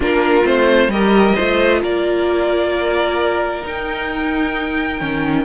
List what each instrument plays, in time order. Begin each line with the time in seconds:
0.00 cello A#3, viola D4, violin F4 A#4
0.43 cello A3, viola C4, violin C5
0.87 cello G3, viola G4, violin A#4 D#5
1.34 cello A3, viola F4, violin C5
1.82 cello A#3, violin A#4 D5
3.61 viola D#4, cello D#4, violin G5
5.00 cello D#3, viola C#4